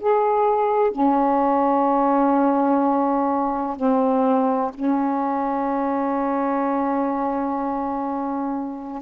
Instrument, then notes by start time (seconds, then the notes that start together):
saxophone
0.00 G#4
0.91 C#4
3.76 C4
4.74 C#4